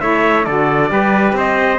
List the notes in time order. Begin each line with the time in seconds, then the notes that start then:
0.00 A3 E4 C#5 E5
0.44 D3 F#4 A4 D5
0.87 G3 G4 B4
1.32 C4 C5 D#5